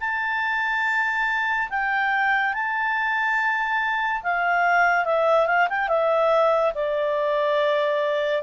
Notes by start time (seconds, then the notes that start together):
0.00 A5
1.70 G5
2.53 A5
4.23 F5
5.05 E5
5.47 F5
5.69 G5
5.88 E5
6.75 D5